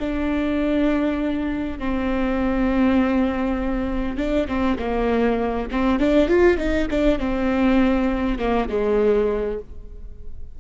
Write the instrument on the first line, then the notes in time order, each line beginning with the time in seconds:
viola
0.00 D4
1.79 C4
4.17 D4
4.48 C4
4.79 A#3
5.71 C4
5.99 D4
6.29 F4
6.58 D#4
6.91 D4
7.19 C4
8.39 A#3
8.69 G#3